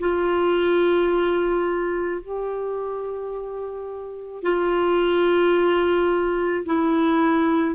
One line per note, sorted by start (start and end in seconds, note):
0.00 2.22 F4
2.22 4.43 G4
4.43 6.66 F4
6.66 7.76 E4